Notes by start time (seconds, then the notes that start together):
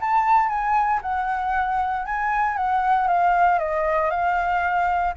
0.00 A5
0.48 G#5
1.02 F#5
2.05 G#5
2.57 F#5
3.07 F5
3.59 D#5
4.10 F5